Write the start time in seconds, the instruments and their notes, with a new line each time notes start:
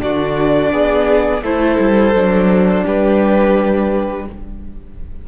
0.00 cello D3, viola D4, violin F#4 D5
0.72 cello B3, violin G#4
1.42 cello A3, viola E4, violin A4 C5
1.79 cello G3
2.14 cello F#3, viola D4
2.85 cello G3, violin G4 B4